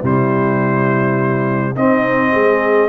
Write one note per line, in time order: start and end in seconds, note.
0.00 1.76 C3
0.00 1.76 G3
0.00 1.73 E4
0.00 1.76 C5
1.76 2.34 C4
1.76 2.89 C4
1.76 2.32 D#4
1.76 2.89 D#5
2.32 2.89 G#3
2.32 2.89 G#4